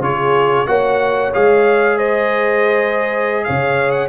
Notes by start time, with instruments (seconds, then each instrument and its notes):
0.00 tuba C#3, trombone F4, horn G#4, trumpet C#5
0.67 tuba A#3, trombone F#4, horn C#5, trumpet F#5
1.34 tuba G#3, trombone G#4, trumpet F5
1.98 horn C5, trumpet D#5
3.44 tuba C#3, horn C#5, trumpet F5
3.92 trumpet F#5